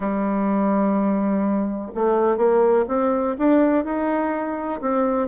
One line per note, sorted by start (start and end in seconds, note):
0.00 1.91 G3
1.94 2.37 A3
2.37 2.85 A#3
2.88 3.36 C4
3.38 3.84 D4
3.84 4.80 D#4
4.81 5.28 C4